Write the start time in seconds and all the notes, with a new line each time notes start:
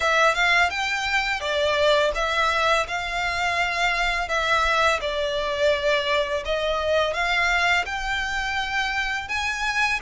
0.00 E5
0.34 F5
0.69 G5
1.40 D5
2.15 E5
2.87 F5
4.28 E5
5.00 D5
6.45 D#5
7.13 F5
7.85 G5
9.28 G#5